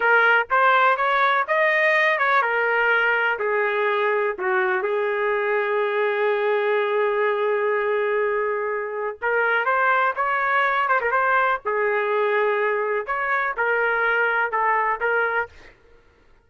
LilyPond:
\new Staff \with { instrumentName = "trumpet" } { \time 4/4 \tempo 4 = 124 ais'4 c''4 cis''4 dis''4~ | dis''8 cis''8 ais'2 gis'4~ | gis'4 fis'4 gis'2~ | gis'1~ |
gis'2. ais'4 | c''4 cis''4. c''16 ais'16 c''4 | gis'2. cis''4 | ais'2 a'4 ais'4 | }